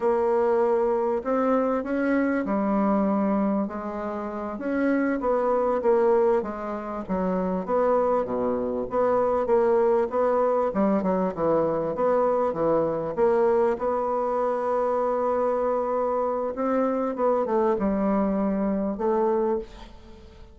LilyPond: \new Staff \with { instrumentName = "bassoon" } { \time 4/4 \tempo 4 = 98 ais2 c'4 cis'4 | g2 gis4. cis'8~ | cis'8 b4 ais4 gis4 fis8~ | fis8 b4 b,4 b4 ais8~ |
ais8 b4 g8 fis8 e4 b8~ | b8 e4 ais4 b4.~ | b2. c'4 | b8 a8 g2 a4 | }